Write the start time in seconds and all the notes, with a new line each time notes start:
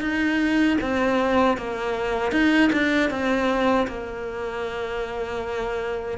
0.00 D#4
0.81 C4
1.57 A#3
2.31 D#4
2.72 D4
3.10 C4
3.87 A#3